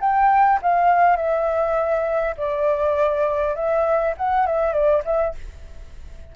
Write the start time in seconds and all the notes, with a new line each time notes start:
0.00 G5
0.62 F5
1.16 E5
2.37 D5
3.55 E5
4.17 F#5
4.46 E5
4.73 D5
5.05 E5